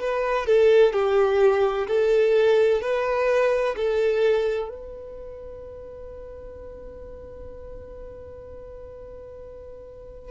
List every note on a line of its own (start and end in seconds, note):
0.00 0.46 B4
0.46 0.93 A4
0.93 1.87 G4
1.87 2.81 A4
2.82 3.75 B4
3.76 4.69 A4
4.69 10.31 B4